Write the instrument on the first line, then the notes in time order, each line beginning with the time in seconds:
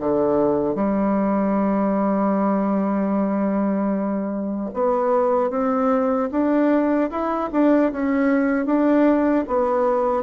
bassoon
0.00 D3
0.75 G3
4.74 B3
5.50 C4
6.32 D4
7.11 E4
7.53 D4
7.92 C#4
8.66 D4
9.48 B3